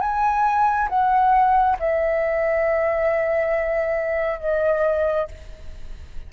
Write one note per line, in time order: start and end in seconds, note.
0.00 0.88 G#5
0.89 1.77 F#5
1.79 4.40 E5
4.40 5.28 D#5